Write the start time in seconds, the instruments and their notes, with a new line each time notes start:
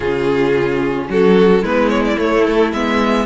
0.00 cello C#3, viola C#4, violin F4 G#4
1.08 cello F#3, violin F#4 A4
1.62 cello G#3, viola B3, violin E4 B4
1.89 violin C#5
2.05 violin D5
2.16 viola A3, cello A3, violin C#5
2.44 violin A4
2.72 cello G#3, viola B3, violin E5